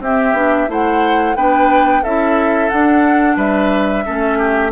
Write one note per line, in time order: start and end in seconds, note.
0.00 0.33 C4
0.00 0.35 C4
0.00 0.70 G4
0.00 0.71 E5
0.33 0.67 B3
0.33 0.68 D4
0.68 1.36 A3
0.68 1.35 E4
0.68 1.37 C5
0.68 1.37 F#5
1.36 2.04 B3
1.36 2.04 D4
1.36 2.03 B4
1.36 2.04 G5
2.03 2.71 C#4
2.03 2.71 E4
2.03 3.37 A4
2.03 2.70 E5
2.70 4.05 D4
2.70 3.37 D4
2.70 3.37 F#5
3.37 4.04 G3
3.37 4.04 B4
3.37 4.73 E5
4.05 4.73 A3
4.05 4.73 C#4
4.05 4.38 A4
4.38 4.72 G4